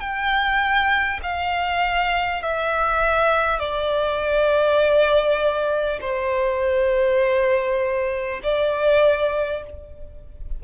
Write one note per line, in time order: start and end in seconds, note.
0.00 1.20 G5
1.22 2.42 F5
2.42 3.59 E5
3.59 5.99 D5
6.01 8.41 C5
8.43 9.63 D5